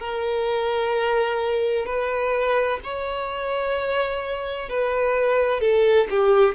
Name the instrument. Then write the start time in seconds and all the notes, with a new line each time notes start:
violin
0.00 A#4
1.87 B4
2.84 C#5
4.70 B4
5.61 A4
6.10 G4